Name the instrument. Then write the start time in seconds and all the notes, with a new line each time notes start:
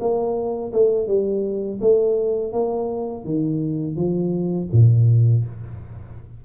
tuba
0.00 A#3
0.73 A3
1.07 G3
1.81 A3
2.53 A#3
3.25 D#3
3.96 F3
4.73 A#2